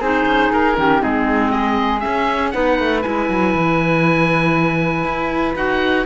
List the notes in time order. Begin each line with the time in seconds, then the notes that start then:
0.00 C4 D#4 G#4 C5
0.25 C#4
0.52 D#4 A#4
0.76 D#3 C#4 G4
0.99 G#3 C4 D#4 G#4
1.51 G#4 D#5
2.00 C#4 E5
2.50 B3 D#4 B4 F#5
2.79 A3
3.01 G#3 E4 G#5
3.29 F#3
3.54 E3
5.04 E4
5.55 D#4 F#4 F#5